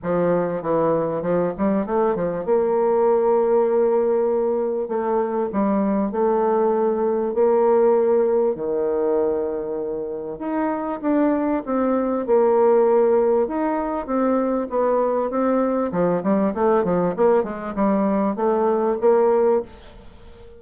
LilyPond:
\new Staff \with { instrumentName = "bassoon" } { \time 4/4 \tempo 4 = 98 f4 e4 f8 g8 a8 f8 | ais1 | a4 g4 a2 | ais2 dis2~ |
dis4 dis'4 d'4 c'4 | ais2 dis'4 c'4 | b4 c'4 f8 g8 a8 f8 | ais8 gis8 g4 a4 ais4 | }